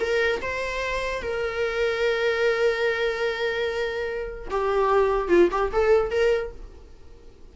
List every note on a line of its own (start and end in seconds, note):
0.00 0.41 A#4
0.42 1.22 C5
1.22 4.48 A#4
4.50 5.28 G4
5.28 5.49 F4
5.51 5.72 G4
5.73 6.11 A4
6.11 6.52 A#4